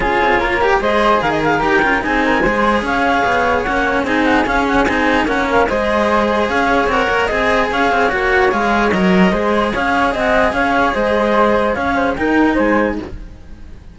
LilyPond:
<<
  \new Staff \with { instrumentName = "clarinet" } { \time 4/4 \tempo 4 = 148 cis''2 dis''4 f''16 dis''16 f''8 | g''4 gis''2 f''4~ | f''4 fis''4 gis''8 fis''8 f''8 fis''8 | gis''4 fis''8 f''8 dis''2 |
f''4 fis''4 gis''4 f''4 | fis''4 f''4 dis''2 | f''4 fis''4 f''4 dis''4~ | dis''4 f''4 g''4 gis''4 | }
  \new Staff \with { instrumentName = "flute" } { \time 4/4 gis'4 ais'4 c''4 ais'4~ | ais'4 gis'8 ais'8 c''4 cis''4~ | cis''2 gis'2~ | gis'4 ais'4 c''2 |
cis''2 dis''4 cis''4~ | cis''2. c''4 | cis''4 dis''4 cis''4 c''4~ | c''4 cis''8 c''8 ais'4 c''4 | }
  \new Staff \with { instrumentName = "cello" } { \time 4/4 f'4. g'8 gis'2 | g'8 f'8 dis'4 gis'2~ | gis'4 cis'4 dis'4 cis'4 | dis'4 cis'4 gis'2~ |
gis'4 ais'4 gis'2 | fis'4 gis'4 ais'4 gis'4~ | gis'1~ | gis'2 dis'2 | }
  \new Staff \with { instrumentName = "cello" } { \time 4/4 cis'8 c'8 ais4 gis4 dis4 | dis'8 cis'8 c'4 gis4 cis'4 | b4 ais4 c'4 cis'4 | c'4 ais4 gis2 |
cis'4 c'8 ais8 c'4 cis'8 c'8 | ais4 gis4 fis4 gis4 | cis'4 c'4 cis'4 gis4~ | gis4 cis'4 dis'4 gis4 | }
>>